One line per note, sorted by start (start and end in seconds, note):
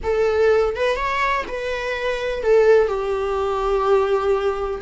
0.03 0.75 A4
0.76 0.96 B4
0.96 1.44 C#5
1.47 2.42 B4
2.42 2.87 A4
2.87 4.81 G4